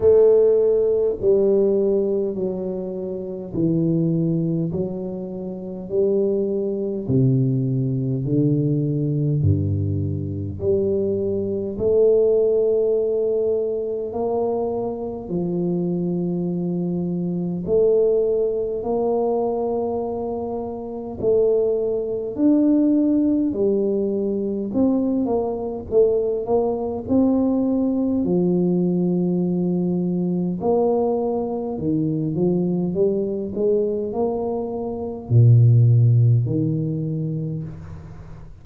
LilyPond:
\new Staff \with { instrumentName = "tuba" } { \time 4/4 \tempo 4 = 51 a4 g4 fis4 e4 | fis4 g4 c4 d4 | g,4 g4 a2 | ais4 f2 a4 |
ais2 a4 d'4 | g4 c'8 ais8 a8 ais8 c'4 | f2 ais4 dis8 f8 | g8 gis8 ais4 ais,4 dis4 | }